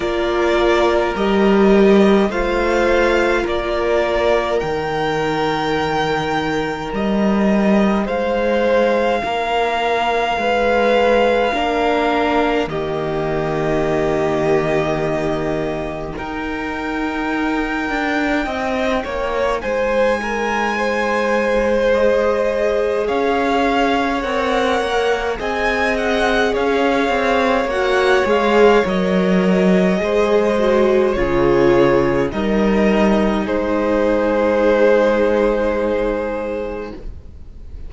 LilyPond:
<<
  \new Staff \with { instrumentName = "violin" } { \time 4/4 \tempo 4 = 52 d''4 dis''4 f''4 d''4 | g''2 dis''4 f''4~ | f''2. dis''4~ | dis''2 g''2~ |
g''4 gis''2 dis''4 | f''4 fis''4 gis''8 fis''8 f''4 | fis''8 f''8 dis''2 cis''4 | dis''4 c''2. | }
  \new Staff \with { instrumentName = "violin" } { \time 4/4 ais'2 c''4 ais'4~ | ais'2. c''4 | ais'4 b'4 ais'4 g'4~ | g'2 ais'2 |
dis''8 cis''8 c''8 ais'8 c''2 | cis''2 dis''4 cis''4~ | cis''2 c''4 gis'4 | ais'4 gis'2. | }
  \new Staff \with { instrumentName = "viola" } { \time 4/4 f'4 g'4 f'2 | dis'1~ | dis'2 d'4 ais4~ | ais2 dis'2~ |
dis'2. gis'4~ | gis'4 ais'4 gis'2 | fis'8 gis'8 ais'4 gis'8 fis'8 f'4 | dis'1 | }
  \new Staff \with { instrumentName = "cello" } { \time 4/4 ais4 g4 a4 ais4 | dis2 g4 gis4 | ais4 gis4 ais4 dis4~ | dis2 dis'4. d'8 |
c'8 ais8 gis2. | cis'4 c'8 ais8 c'4 cis'8 c'8 | ais8 gis8 fis4 gis4 cis4 | g4 gis2. | }
>>